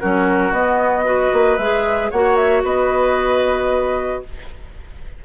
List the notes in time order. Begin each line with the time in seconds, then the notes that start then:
0.00 F#3 C#4 F#4 A#4
0.52 B3 D#5
1.05 F#4 B4
1.33 A#3
1.58 G#3 G#4 E5
2.11 A#3 F#4 C#5 F#5
2.37 E5
2.64 B3 B4 D#5